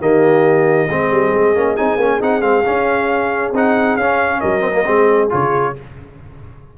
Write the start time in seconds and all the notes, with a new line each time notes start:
0.00 D#3 A#3 G4 D#5
0.89 G#3 C4 G#4
1.11 G3
1.34 G#3
1.55 A#3 C#4
1.76 C4 D#4 G#5
1.96 A#3 C#4
2.20 C4 D#4 F#5
2.41 G#3 C4 F5
2.65 C#4
3.52 C4 D#4 F#5
3.96 C#4 F5
4.40 F#3 A#4 D#5
4.60 C4
4.73 A#3
4.85 G#3 C4 G#4
5.29 C#3 F4 C#5